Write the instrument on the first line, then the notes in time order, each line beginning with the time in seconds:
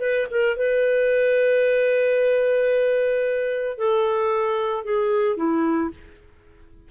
clarinet
0.00 B4
0.30 A#4
0.56 B4
3.78 A4
4.84 G#4
5.37 E4